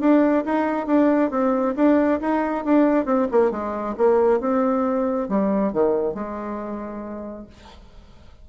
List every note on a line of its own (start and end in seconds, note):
0.00 0.44 D4
0.45 0.86 D#4
0.86 1.30 D4
1.30 1.74 C4
1.75 2.20 D4
2.20 2.64 D#4
2.64 3.05 D4
3.05 3.27 C4
3.31 3.51 A#3
3.51 3.95 G#3
3.97 4.40 A#3
4.40 5.28 C4
5.28 5.72 G3
5.72 6.14 D#3
6.14 7.46 G#3